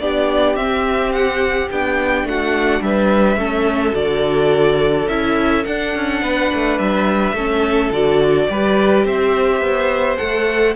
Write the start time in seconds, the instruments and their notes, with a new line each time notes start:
0.00 cello B3, viola D4, violin G4 D5
0.56 cello C4, viola C4, violin E5
1.13 violin F#5
1.71 cello B3, viola D4, violin G5
2.24 cello A3, violin F#4 F#5
2.81 cello G3, violin B4 E5
3.37 cello A3, viola C#4, violin A4
3.93 cello D3, viola F#4, violin D5
5.09 cello C#4, viola E4, violin E5
5.65 viola D4, cello D4, violin F#5
5.96 cello C#4
6.22 cello B3, violin B4
6.54 cello A3
6.79 cello G3, violin E5
7.34 cello A3, viola C#4, violin A4
7.91 cello D3, viola F#4, violin D5
8.49 cello G3, viola G4, violin B4
9.05 cello C4, violin C5 E5
9.60 cello B3
10.17 cello A3, viola A4, violin F#5